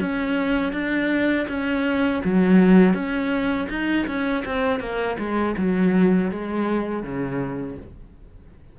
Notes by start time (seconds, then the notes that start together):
0.00 C#4
0.72 D4
1.48 C#4
2.24 F#3
2.93 C#4
3.69 D#4
4.07 C#4
4.45 C4
4.79 A#3
5.18 G#3
5.57 F#3
6.31 G#3
7.03 C#3